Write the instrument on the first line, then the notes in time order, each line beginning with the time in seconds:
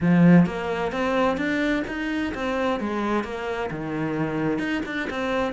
cello
0.00 F3
0.46 A#3
0.92 C4
1.37 D4
1.87 D#4
2.34 C4
2.79 G#3
3.23 A#3
3.70 D#3
4.59 D#4
4.85 D4
5.10 C4